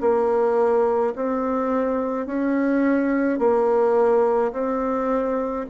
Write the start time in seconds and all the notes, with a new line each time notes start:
0.00 A#3
1.15 C4
2.26 C#4
3.39 A#3
4.52 C4